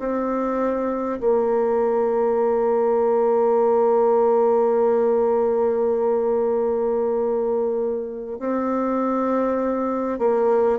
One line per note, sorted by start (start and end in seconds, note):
0.00 1.20 C4
1.21 8.40 A#3
8.40 10.19 C4
10.19 10.79 A#3